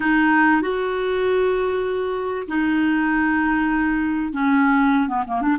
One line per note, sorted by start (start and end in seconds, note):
0.00 0.61 D#4
0.61 2.47 F#4
2.47 4.32 D#4
4.32 5.08 C#4
5.08 5.24 B3
5.27 5.41 A#3
5.41 5.57 D4